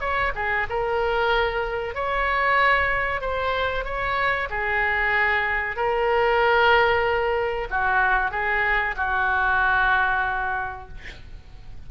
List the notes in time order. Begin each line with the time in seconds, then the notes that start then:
0.00 C#5
0.35 G#4
0.69 A#4
1.94 C#5
3.21 C5
3.84 C#5
4.49 G#4
5.76 A#4
7.70 F#4
8.31 G#4
8.97 F#4